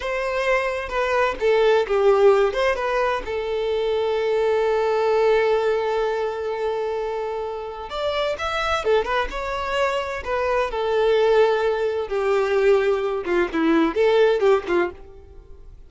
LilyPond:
\new Staff \with { instrumentName = "violin" } { \time 4/4 \tempo 4 = 129 c''2 b'4 a'4 | g'4. c''8 b'4 a'4~ | a'1~ | a'1~ |
a'4 d''4 e''4 a'8 b'8 | cis''2 b'4 a'4~ | a'2 g'2~ | g'8 f'8 e'4 a'4 g'8 f'8 | }